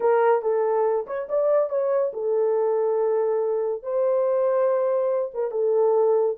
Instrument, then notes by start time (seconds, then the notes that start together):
horn
0.00 A#4
0.42 A4
1.06 C#5
1.29 D5
1.69 C#5
2.13 A4
3.82 C5
5.33 A#4
5.51 A4